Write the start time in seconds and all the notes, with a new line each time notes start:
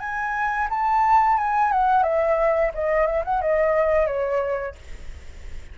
0.00 G#5
0.70 A5
1.38 G#5
1.72 F#5
2.03 E5
2.74 D#5
3.07 E5
3.24 F#5
3.42 D#5
4.07 C#5